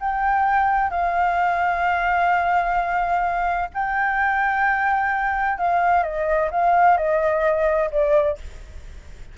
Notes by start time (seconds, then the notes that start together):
0.00 G5
0.90 F5
3.74 G5
5.58 F5
6.03 D#5
6.51 F5
6.97 D#5
7.91 D5